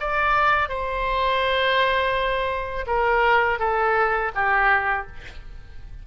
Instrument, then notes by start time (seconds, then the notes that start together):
oboe
0.00 D5
0.69 C5
2.87 A#4
3.59 A4
4.35 G4